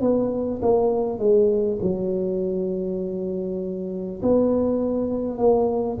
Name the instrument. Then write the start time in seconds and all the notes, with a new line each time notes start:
tuba
0.00 B3
0.62 A#3
1.18 G#3
1.81 F#3
4.22 B3
5.37 A#3